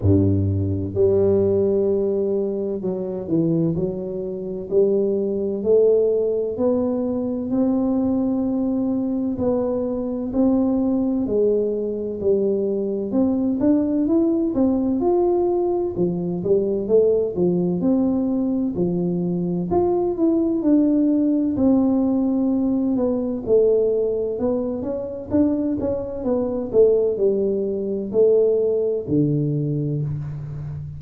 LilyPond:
\new Staff \with { instrumentName = "tuba" } { \time 4/4 \tempo 4 = 64 g,4 g2 fis8 e8 | fis4 g4 a4 b4 | c'2 b4 c'4 | gis4 g4 c'8 d'8 e'8 c'8 |
f'4 f8 g8 a8 f8 c'4 | f4 f'8 e'8 d'4 c'4~ | c'8 b8 a4 b8 cis'8 d'8 cis'8 | b8 a8 g4 a4 d4 | }